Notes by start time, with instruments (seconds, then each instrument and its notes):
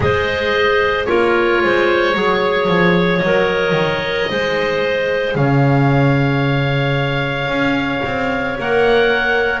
0.00 double bass G#3, clarinet G#4 C5, oboe D#5
1.05 double bass A#3, clarinet F4 A#4, oboe C#5
1.63 double bass G#3, clarinet C5
2.14 double bass F#3, clarinet G#4 C#5
2.67 double bass F3
3.18 double bass F#3, oboe D#5
3.25 clarinet A#4
3.71 double bass D#3
4.30 double bass G#3, clarinet G#4 C5
5.35 double bass C#3, clarinet C#5, oboe F5
7.48 double bass C#4
8.04 double bass C4
8.58 double bass A#3, clarinet A#4, oboe F#5